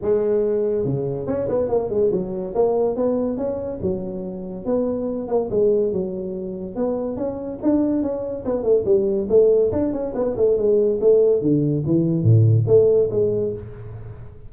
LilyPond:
\new Staff \with { instrumentName = "tuba" } { \time 4/4 \tempo 4 = 142 gis2 cis4 cis'8 b8 | ais8 gis8 fis4 ais4 b4 | cis'4 fis2 b4~ | b8 ais8 gis4 fis2 |
b4 cis'4 d'4 cis'4 | b8 a8 g4 a4 d'8 cis'8 | b8 a8 gis4 a4 d4 | e4 a,4 a4 gis4 | }